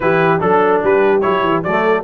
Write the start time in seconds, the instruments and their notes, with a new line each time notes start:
0.00 tuba E3, trombone E4, horn G4, trumpet B4
0.39 tuba F#3, trombone D4, trumpet A4, horn A4
0.83 tuba G3, horn G4, trumpet B4
1.20 tuba F#3, trombone E4, trumpet C#5
1.43 tuba E3
1.63 tuba F#3, trombone A3, horn A4, trumpet D5